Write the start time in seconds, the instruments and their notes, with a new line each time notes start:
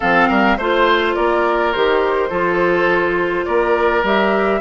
0.00 bassoon F3, clarinet C4, oboe A4, flute F5
0.28 bassoon G3, oboe A#4
0.57 bassoon A3, clarinet F4, oboe C5, flute C5
1.15 bassoon A#3, oboe A#4, flute D5
1.72 bassoon D#3, clarinet G4, flute C5
2.29 bassoon F3, clarinet F4, oboe A4
3.45 bassoon A#3, oboe A#4, flute D5
4.03 bassoon G3, clarinet G4, flute E5